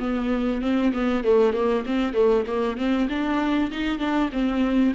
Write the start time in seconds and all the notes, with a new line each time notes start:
0.00 B3
0.62 C4
0.93 B3
1.25 A3
1.54 A#3
1.86 C4
2.14 A3
2.47 A#3
2.78 C4
3.09 D4
3.72 D#4
3.99 D4
4.32 C4